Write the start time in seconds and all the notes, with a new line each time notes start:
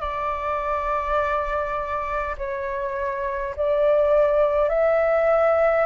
0.00 D5
2.37 C#5
3.56 D5
4.69 E5